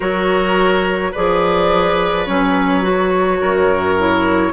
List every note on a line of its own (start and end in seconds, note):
0.00 1.14 F#3
0.00 1.12 F#4
0.00 1.11 A#4
0.00 1.12 C#5
1.11 2.28 F3
1.11 2.26 G#4
1.11 3.38 B4
1.11 2.25 D5
2.25 3.41 F#3
2.25 2.82 C#4
2.25 4.52 C#5
2.82 3.95 F#4
3.40 4.52 F#2
3.40 4.52 A#4
3.98 4.52 E4